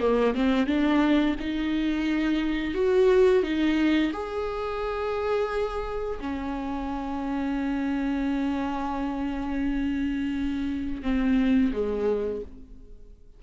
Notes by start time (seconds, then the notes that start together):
0.00 A#3
0.35 C4
0.66 D4
1.40 D#4
2.75 F#4
3.43 D#4
4.13 G#4
6.20 C#4
11.03 C4
11.73 G#3